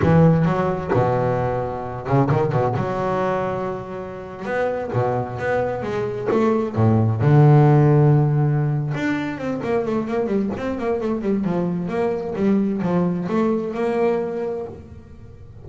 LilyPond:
\new Staff \with { instrumentName = "double bass" } { \time 4/4 \tempo 4 = 131 e4 fis4 b,2~ | b,8 cis8 dis8 b,8 fis2~ | fis4.~ fis16 b4 b,4 b16~ | b8. gis4 a4 a,4 d16~ |
d2.~ d8 d'8~ | d'8 c'8 ais8 a8 ais8 g8 c'8 ais8 | a8 g8 f4 ais4 g4 | f4 a4 ais2 | }